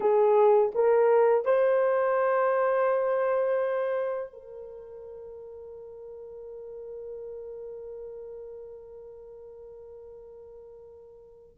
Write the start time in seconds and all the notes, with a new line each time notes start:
0.00 G#4
0.74 A#4
1.45 C5
4.33 A#4